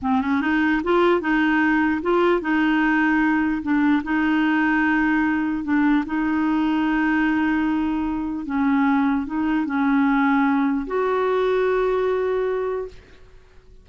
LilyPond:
\new Staff \with { instrumentName = "clarinet" } { \time 4/4 \tempo 4 = 149 c'8 cis'8 dis'4 f'4 dis'4~ | dis'4 f'4 dis'2~ | dis'4 d'4 dis'2~ | dis'2 d'4 dis'4~ |
dis'1~ | dis'4 cis'2 dis'4 | cis'2. fis'4~ | fis'1 | }